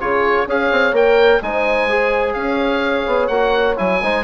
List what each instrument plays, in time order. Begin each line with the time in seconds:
0.00 bassoon C#3, trombone F4, horn G#4, oboe C#5
0.46 bassoon C#4, trombone G#4, horn C#5, oboe F5
0.71 bassoon C4
0.92 bassoon A#3, trombone A#4, oboe G5
1.41 bassoon G#3, trombone D#4, horn C5, oboe G#5
1.89 trombone G#4
2.33 bassoon C#4, horn C#5, oboe F5
3.07 bassoon B3
3.27 bassoon A#3, trombone F#4, oboe F#5
3.76 bassoon F#3, trombone E4, oboe G#5
4.02 bassoon G#3, trombone D#4, horn C5